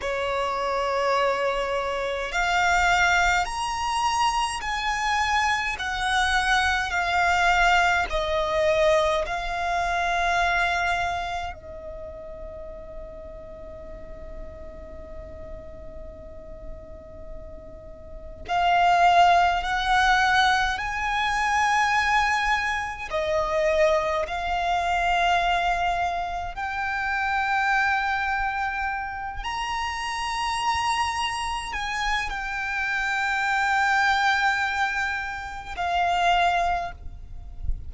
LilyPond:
\new Staff \with { instrumentName = "violin" } { \time 4/4 \tempo 4 = 52 cis''2 f''4 ais''4 | gis''4 fis''4 f''4 dis''4 | f''2 dis''2~ | dis''1 |
f''4 fis''4 gis''2 | dis''4 f''2 g''4~ | g''4. ais''2 gis''8 | g''2. f''4 | }